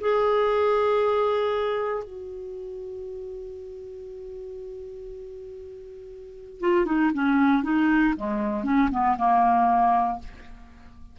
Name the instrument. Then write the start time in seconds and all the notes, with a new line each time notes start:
clarinet
0.00 G#4
2.04 F#4
6.60 F4
6.85 D#4
7.13 C#4
7.63 D#4
8.16 G#3
8.63 C#4
8.91 B3
9.17 A#3